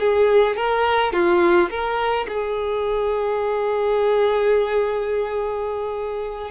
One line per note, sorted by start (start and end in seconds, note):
0.00 0.57 G#4
0.57 1.13 A#4
1.13 1.70 F4
1.70 2.27 A#4
2.28 6.51 G#4